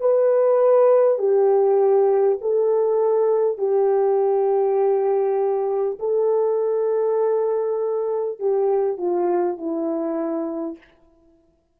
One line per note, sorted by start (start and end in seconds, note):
0.00 1.18 B4
1.18 2.38 G4
2.41 3.58 A4
3.58 5.98 G4
5.99 8.39 A4
8.39 8.98 G4
8.98 9.58 F4
9.58 10.78 E4